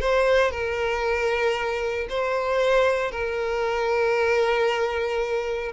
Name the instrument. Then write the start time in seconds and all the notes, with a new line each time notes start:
violin
0.00 C5
0.51 A#4
2.09 C5
3.11 A#4